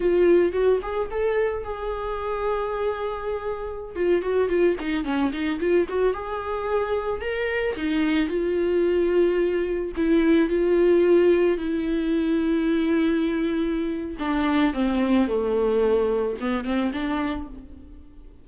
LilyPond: \new Staff \with { instrumentName = "viola" } { \time 4/4 \tempo 4 = 110 f'4 fis'8 gis'8 a'4 gis'4~ | gis'2.~ gis'16 f'8 fis'16~ | fis'16 f'8 dis'8 cis'8 dis'8 f'8 fis'8 gis'8.~ | gis'4~ gis'16 ais'4 dis'4 f'8.~ |
f'2~ f'16 e'4 f'8.~ | f'4~ f'16 e'2~ e'8.~ | e'2 d'4 c'4 | a2 b8 c'8 d'4 | }